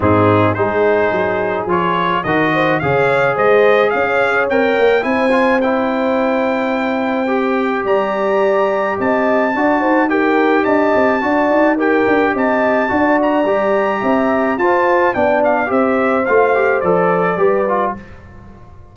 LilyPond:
<<
  \new Staff \with { instrumentName = "trumpet" } { \time 4/4 \tempo 4 = 107 gis'4 c''2 cis''4 | dis''4 f''4 dis''4 f''4 | g''4 gis''4 g''2~ | g''2 ais''2 |
a''2 g''4 a''4~ | a''4 g''4 a''4. ais''8~ | ais''2 a''4 g''8 f''8 | e''4 f''4 d''2 | }
  \new Staff \with { instrumentName = "horn" } { \time 4/4 dis'4 gis'2. | ais'8 c''8 cis''4 c''4 cis''4~ | cis''4 c''2.~ | c''2 d''2 |
dis''4 d''8 c''8 ais'4 dis''4 | d''4 ais'4 dis''4 d''4~ | d''4 e''4 c''4 d''4 | c''2. b'4 | }
  \new Staff \with { instrumentName = "trombone" } { \time 4/4 c'4 dis'2 f'4 | fis'4 gis'2. | ais'4 e'8 f'8 e'2~ | e'4 g'2.~ |
g'4 fis'4 g'2 | fis'4 g'2 fis'4 | g'2 f'4 d'4 | g'4 f'8 g'8 a'4 g'8 f'8 | }
  \new Staff \with { instrumentName = "tuba" } { \time 4/4 gis,4 gis4 fis4 f4 | dis4 cis4 gis4 cis'4 | c'8 ais8 c'2.~ | c'2 g2 |
c'4 d'8 dis'4. d'8 c'8 | d'8 dis'4 d'8 c'4 d'4 | g4 c'4 f'4 b4 | c'4 a4 f4 g4 | }
>>